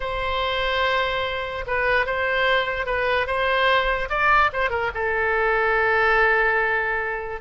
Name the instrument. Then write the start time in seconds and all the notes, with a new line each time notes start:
oboe
0.00 C5
1.66 B4
2.05 C5
2.86 B4
3.26 C5
4.09 D5
4.52 C5
4.70 A#4
4.94 A4